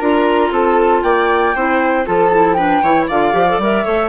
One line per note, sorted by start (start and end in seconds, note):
0.00 0.52 D4
0.00 1.55 F4
0.00 0.51 A#4
0.00 0.52 A#5
0.52 1.03 C4
0.52 1.04 A4
0.52 1.04 A5
1.04 1.55 A#3
1.04 1.55 D5
1.04 2.06 G5
1.56 2.07 C4
1.56 2.06 E4
1.56 2.07 C5
2.06 2.83 F3
2.06 2.31 F4
2.06 2.58 A4
2.06 2.54 A5
2.33 2.58 E4
2.54 2.83 D4
2.54 2.84 B4
2.54 3.05 G5
2.83 3.08 E3
2.83 3.11 E4
2.83 3.08 C#5
3.08 3.34 D3
3.08 3.33 F4
3.08 3.85 D5
3.08 3.61 F5
3.33 3.59 F3
3.33 3.46 G4
3.49 3.62 A4
3.59 3.85 G3
3.59 3.85 A#4
3.59 4.10 E5
3.85 4.10 A3
3.85 4.10 A4
3.85 4.10 C#5